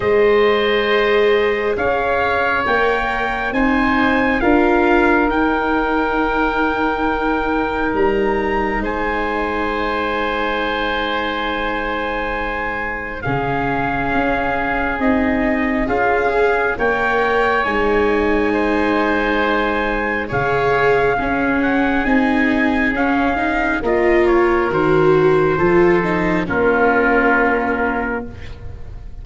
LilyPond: <<
  \new Staff \with { instrumentName = "trumpet" } { \time 4/4 \tempo 4 = 68 dis''2 f''4 g''4 | gis''4 f''4 g''2~ | g''4 ais''4 gis''2~ | gis''2. f''4~ |
f''4 dis''4 f''4 g''4 | gis''2. f''4~ | f''8 fis''8 gis''4 f''4 dis''8 cis''8 | c''2 ais'2 | }
  \new Staff \with { instrumentName = "oboe" } { \time 4/4 c''2 cis''2 | c''4 ais'2.~ | ais'2 c''2~ | c''2. gis'4~ |
gis'2 f'8 gis'8 cis''4~ | cis''4 c''2 cis''4 | gis'2. ais'4~ | ais'4 a'4 f'2 | }
  \new Staff \with { instrumentName = "viola" } { \time 4/4 gis'2. ais'4 | dis'4 f'4 dis'2~ | dis'1~ | dis'2. cis'4~ |
cis'4 dis'4 gis'4 ais'4 | dis'2. gis'4 | cis'4 dis'4 cis'8 dis'8 f'4 | fis'4 f'8 dis'8 cis'2 | }
  \new Staff \with { instrumentName = "tuba" } { \time 4/4 gis2 cis'4 ais4 | c'4 d'4 dis'2~ | dis'4 g4 gis2~ | gis2. cis4 |
cis'4 c'4 cis'4 ais4 | gis2. cis4 | cis'4 c'4 cis'4 ais4 | dis4 f4 ais2 | }
>>